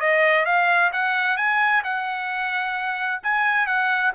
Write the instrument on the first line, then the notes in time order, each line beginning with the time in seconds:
trumpet
0.00 D#5
0.45 F5
0.92 F#5
1.36 G#5
1.83 F#5
3.23 G#5
3.66 F#5